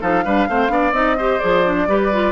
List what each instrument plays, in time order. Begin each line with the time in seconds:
0.00 bassoon F3, clarinet D#4, oboe A4, flute F5
0.24 bassoon G3, clarinet D4, oboe B4
0.48 bassoon A3, clarinet C4, oboe C5
0.68 bassoon B3, clarinet D4, oboe D5
0.92 bassoon C4, clarinet D#4, flute D#5
1.17 clarinet G4, oboe C5
1.39 bassoon F3, clarinet G#4, flute D5
1.65 clarinet D4
1.87 bassoon G3, clarinet G4, oboe B4
2.12 clarinet F4